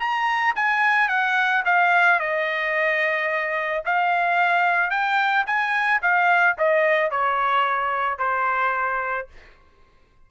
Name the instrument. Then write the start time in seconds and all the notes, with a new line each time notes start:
trumpet
0.00 A#5
0.56 G#5
1.09 F#5
1.66 F5
2.20 D#5
3.86 F5
4.91 G5
5.47 G#5
6.02 F5
6.58 D#5
7.11 C#5
8.19 C5